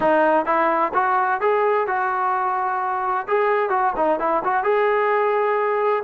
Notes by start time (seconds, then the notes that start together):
0.00 D#4
0.45 E4
0.94 F#4
1.40 G#4
1.87 F#4
3.27 G#4
3.69 F#4
3.96 D#4
4.19 E4
4.44 F#4
4.63 G#4